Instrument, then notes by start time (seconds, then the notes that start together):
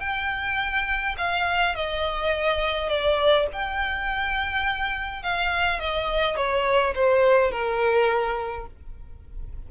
violin
0.00 G5
1.17 F5
1.75 D#5
2.89 D5
3.53 G5
5.23 F5
5.80 D#5
6.36 C#5
6.95 C5
7.51 A#4